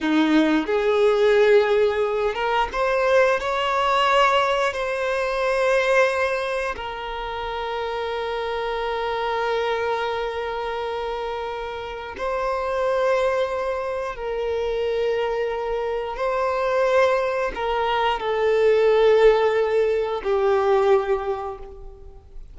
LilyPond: \new Staff \with { instrumentName = "violin" } { \time 4/4 \tempo 4 = 89 dis'4 gis'2~ gis'8 ais'8 | c''4 cis''2 c''4~ | c''2 ais'2~ | ais'1~ |
ais'2 c''2~ | c''4 ais'2. | c''2 ais'4 a'4~ | a'2 g'2 | }